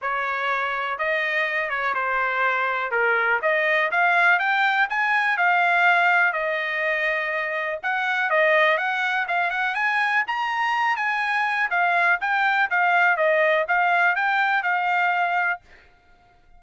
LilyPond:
\new Staff \with { instrumentName = "trumpet" } { \time 4/4 \tempo 4 = 123 cis''2 dis''4. cis''8 | c''2 ais'4 dis''4 | f''4 g''4 gis''4 f''4~ | f''4 dis''2. |
fis''4 dis''4 fis''4 f''8 fis''8 | gis''4 ais''4. gis''4. | f''4 g''4 f''4 dis''4 | f''4 g''4 f''2 | }